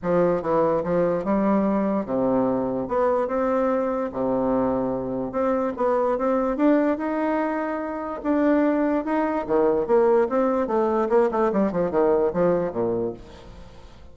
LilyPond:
\new Staff \with { instrumentName = "bassoon" } { \time 4/4 \tempo 4 = 146 f4 e4 f4 g4~ | g4 c2 b4 | c'2 c2~ | c4 c'4 b4 c'4 |
d'4 dis'2. | d'2 dis'4 dis4 | ais4 c'4 a4 ais8 a8 | g8 f8 dis4 f4 ais,4 | }